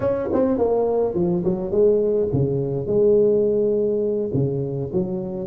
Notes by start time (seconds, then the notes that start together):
0.00 C#4
0.33 C4
0.57 A#3
1.14 F3
1.44 F#3
1.71 G#3
2.32 C#3
2.86 G#3
4.33 C#3
4.92 F#3